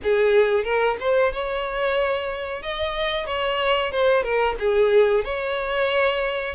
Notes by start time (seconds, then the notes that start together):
0.03 G#4
0.64 A#4
1.00 C5
1.32 C#5
2.62 D#5
3.26 C#5
3.91 C5
4.23 A#4
4.59 G#4
5.24 C#5